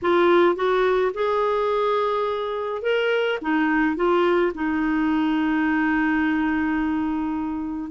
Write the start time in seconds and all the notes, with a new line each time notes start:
0.02 F4
0.55 F#4
1.14 G#4
2.81 A#4
3.41 D#4
3.95 F4
4.54 D#4